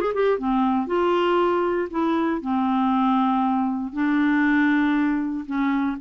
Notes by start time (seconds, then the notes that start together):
0.00 G#4
0.14 G4
0.38 C4
0.86 F4
1.90 E4
2.41 C4
3.92 D4
5.45 C#4